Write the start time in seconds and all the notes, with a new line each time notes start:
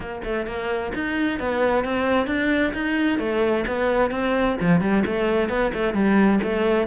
0.00 A#3
0.24 A3
0.46 A#3
0.94 D#4
1.39 B3
1.84 C4
2.27 D4
2.73 D#4
3.19 A3
3.67 B3
4.11 C4
4.61 F3
4.80 G3
5.05 A3
5.49 B3
5.73 A3
5.93 G3
6.43 A3